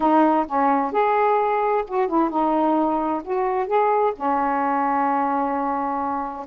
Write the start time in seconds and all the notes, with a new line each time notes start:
0.00 D#4
0.47 C#4
0.92 G#4
1.87 F#4
2.08 E4
2.30 D#4
3.23 F#4
3.67 G#4
4.15 C#4